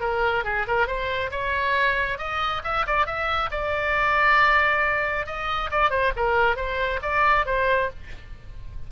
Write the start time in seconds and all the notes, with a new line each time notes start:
0.00 A#4
0.44 G#4
0.67 A#4
0.87 C5
1.31 C#5
2.18 D#5
2.64 E5
2.86 D5
3.06 E5
3.51 D5
5.26 D#5
5.71 D5
5.90 C5
6.16 A#4
6.56 C5
7.02 D5
7.46 C5